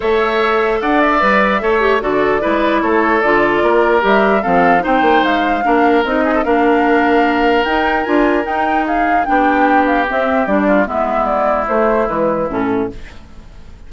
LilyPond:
<<
  \new Staff \with { instrumentName = "flute" } { \time 4/4 \tempo 4 = 149 e''2 fis''8 e''4.~ | e''4 d''2 cis''4 | d''2 e''4 f''4 | g''4 f''2 dis''4 |
f''2. g''4 | gis''4 g''4 f''4 g''4~ | g''8 f''8 e''4 d''4 e''4 | d''4 c''4 b'4 a'4 | }
  \new Staff \with { instrumentName = "oboe" } { \time 4/4 cis''2 d''2 | cis''4 a'4 b'4 a'4~ | a'4 ais'2 a'4 | c''2 ais'4. gis'16 a'16 |
ais'1~ | ais'2 gis'4 g'4~ | g'2~ g'8 f'8 e'4~ | e'1 | }
  \new Staff \with { instrumentName = "clarinet" } { \time 4/4 a'2. b'4 | a'8 g'8 fis'4 e'2 | f'2 g'4 c'4 | dis'2 d'4 dis'4 |
d'2. dis'4 | f'4 dis'2 d'4~ | d'4 c'4 d'4 b4~ | b4 a4 gis4 cis'4 | }
  \new Staff \with { instrumentName = "bassoon" } { \time 4/4 a2 d'4 g4 | a4 d4 gis4 a4 | d4 ais4 g4 f4 | c'8 ais8 gis4 ais4 c'4 |
ais2. dis'4 | d'4 dis'2 b4~ | b4 c'4 g4 gis4~ | gis4 a4 e4 a,4 | }
>>